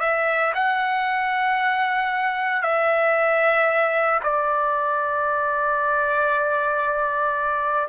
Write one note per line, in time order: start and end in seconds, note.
0.00 0.53 E5
0.55 2.62 F#5
2.62 4.20 E5
4.23 7.89 D5